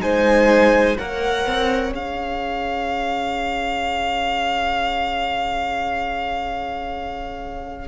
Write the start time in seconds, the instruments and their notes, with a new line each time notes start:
0.00 cello G#3, viola D#4, violin C5 G#5
0.97 cello A#3, viola A#4, violin C#5 F#5
1.45 cello C4
1.91 cello C#4, viola G#4, violin F5